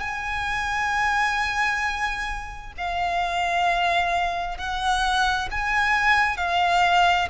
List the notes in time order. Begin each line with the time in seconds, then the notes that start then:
0.00 G#5
2.77 F5
4.57 F#5
5.51 G#5
6.37 F5